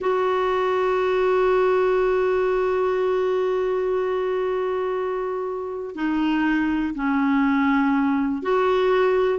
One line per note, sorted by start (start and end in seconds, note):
0.00 5.95 F#4
5.95 6.94 D#4
6.94 8.42 C#4
8.42 9.39 F#4